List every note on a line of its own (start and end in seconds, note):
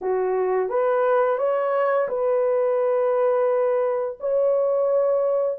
0.01 0.69 F#4
0.69 1.38 B4
1.38 2.07 C#5
2.08 4.17 B4
4.20 5.58 C#5